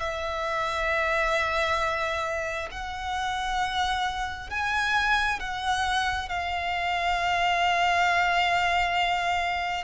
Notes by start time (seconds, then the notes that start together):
0.00 E5
2.72 F#5
4.51 G#5
5.40 F#5
6.29 F5